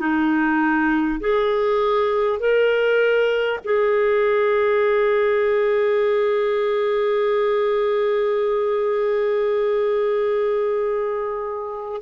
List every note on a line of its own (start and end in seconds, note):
0.00 1.20 D#4
1.21 2.39 G#4
2.39 3.59 A#4
3.64 12.02 G#4